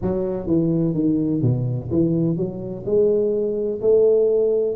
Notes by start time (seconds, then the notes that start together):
0.01 F#3
0.46 E3
0.94 D#3
1.41 B2
1.91 E3
2.36 F#3
2.85 G#3
3.81 A3